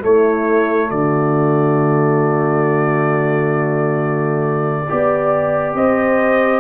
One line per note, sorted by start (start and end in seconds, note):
0.00 4.85 A3
0.00 0.91 A3
0.00 0.89 E4
0.00 0.90 C#5
0.89 4.88 D3
0.89 4.86 F#4
0.89 5.75 D5
4.88 5.74 B3
4.88 6.60 G4
4.88 5.76 D5
5.74 6.60 C4
5.74 6.60 C5
5.74 6.60 D#5